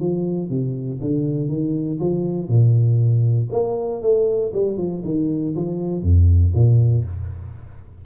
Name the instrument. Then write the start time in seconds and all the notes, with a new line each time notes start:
tuba
0.00 F3
0.50 C3
1.01 D3
1.49 D#3
2.00 F3
2.48 A#2
3.52 A#3
4.02 A3
4.54 G3
4.77 F3
5.05 D#3
5.56 F3
6.02 F2
6.54 A#2